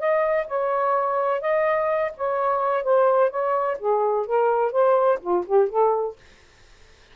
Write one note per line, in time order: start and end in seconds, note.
0.00 0.47 D#5
0.48 1.42 C#5
1.42 2.12 D#5
2.18 2.84 C#5
2.84 3.30 C5
3.30 3.78 C#5
3.79 4.27 G#4
4.27 4.72 A#4
4.72 5.19 C5
5.21 5.45 F4
5.47 5.70 G4
5.70 6.17 A4